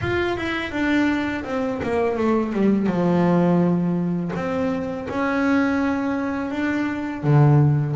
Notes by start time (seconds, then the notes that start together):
0.01 F4
0.37 E4
0.71 D4
1.44 C4
1.82 A#3
2.17 A3
2.53 G3
2.87 F3
4.35 C4
5.09 C#4
6.51 D4
7.23 D3